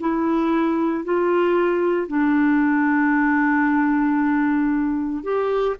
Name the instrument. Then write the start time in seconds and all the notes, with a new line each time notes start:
clarinet
0.00 E4
1.04 F4
2.08 D4
5.23 G4